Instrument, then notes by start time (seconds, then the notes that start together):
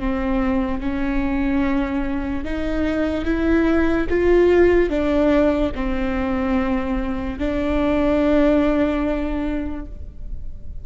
viola
0.00 C4
0.80 C#4
2.44 D#4
3.25 E4
4.09 F4
4.89 D4
5.75 C4
7.39 D4